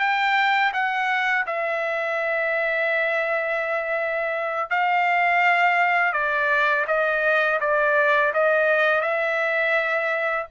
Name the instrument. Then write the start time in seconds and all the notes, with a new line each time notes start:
trumpet
0.00 G5
0.73 F#5
1.47 E5
4.70 F5
6.13 D5
6.87 D#5
7.61 D5
8.34 D#5
9.02 E5